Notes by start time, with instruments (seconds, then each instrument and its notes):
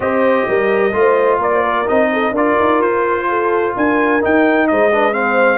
0.00 tuba C4, trombone G4, horn C5, trumpet D#5
0.47 tuba G3, horn A#4
0.92 tuba A3, trombone F4
0.99 horn C5
1.39 tuba A#3, horn A#4, trumpet D5
1.54 horn C5
1.63 horn A#4
1.85 tuba C4, trombone D#4, trumpet D#5
2.12 horn A4
2.31 tuba D4, trombone F4, horn A#4, trumpet D5
2.59 tuba D#4
2.78 tuba F4, trumpet C5
3.28 horn A4
3.75 tuba D4, horn A#4, trumpet G#5
4.21 trombone D#4, tuba D#4, trumpet G5
4.67 tuba G#3, horn C5, trumpet D#5
4.91 trombone D4, horn B4
5.13 trombone C4, horn C5, trumpet F5